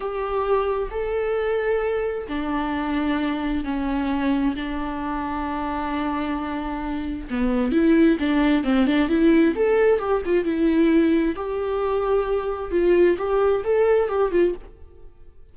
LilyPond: \new Staff \with { instrumentName = "viola" } { \time 4/4 \tempo 4 = 132 g'2 a'2~ | a'4 d'2. | cis'2 d'2~ | d'1 |
b4 e'4 d'4 c'8 d'8 | e'4 a'4 g'8 f'8 e'4~ | e'4 g'2. | f'4 g'4 a'4 g'8 f'8 | }